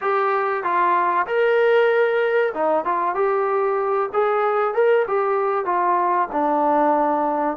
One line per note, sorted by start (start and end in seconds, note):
0.01 0.63 G4
0.63 1.26 F4
1.27 2.53 A#4
2.53 2.84 D#4
2.84 3.14 F4
3.14 4.09 G4
4.13 4.74 G#4
4.74 5.06 A#4
5.07 5.65 G4
5.65 6.28 F4
6.32 7.57 D4